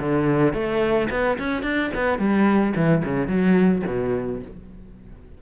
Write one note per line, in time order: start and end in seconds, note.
0.00 0.54 D3
0.54 1.09 A3
1.11 1.38 B3
1.39 1.63 C#4
1.63 1.91 D4
1.95 2.19 B3
2.19 2.74 G3
2.76 3.04 E3
3.05 3.28 C#3
3.28 3.83 F#3
3.87 4.42 B2